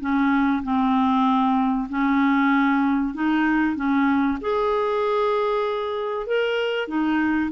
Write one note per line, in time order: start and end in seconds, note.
0.00 0.62 C#4
0.63 1.88 C4
1.89 3.14 C#4
3.14 3.76 D#4
3.76 4.38 C#4
4.41 6.27 G#4
6.27 6.88 A#4
6.88 7.50 D#4